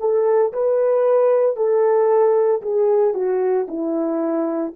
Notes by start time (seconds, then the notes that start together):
0.00 A4
0.53 B4
1.56 A4
2.62 G#4
3.14 F#4
3.68 E4